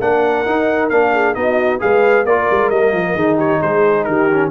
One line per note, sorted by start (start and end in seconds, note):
0.00 0.45 A#3
0.00 0.46 D4
0.00 1.14 A#4
0.00 0.90 F#5
0.46 0.91 D#4
0.90 1.36 A#3
0.90 1.35 D4
0.90 1.35 F5
1.14 1.36 G#4
1.35 1.81 B3
1.35 1.80 D#4
1.35 1.82 F#4
1.35 1.80 D#5
1.80 2.25 G#3
1.80 2.25 G#4
1.80 2.27 B4
1.80 2.26 F5
2.25 2.48 A#3
2.25 2.74 F4
2.25 3.16 A#4
2.25 2.70 D5
2.51 2.71 G#3
2.70 2.93 G3
2.70 3.18 A#3
2.70 3.38 D#5
2.93 3.15 F3
3.15 3.60 D#3
3.15 4.31 D#4
3.15 3.37 G#4
3.37 3.60 G4
3.37 3.62 C#5
3.62 4.07 G#3
3.62 4.08 G#4
3.62 4.04 C5
4.04 4.51 D#3
4.04 4.51 G4
4.04 4.49 A#4
4.31 4.51 C#4